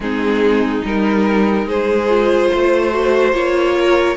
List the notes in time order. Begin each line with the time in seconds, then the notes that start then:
0.00 G#3 C4 D#4 G#4
0.81 G3 D#4 A#4
1.65 G#3 G#4 C5
2.08 F4
2.51 A3 C5
2.91 F#4
3.32 A#3 F4 C#5
3.79 A#4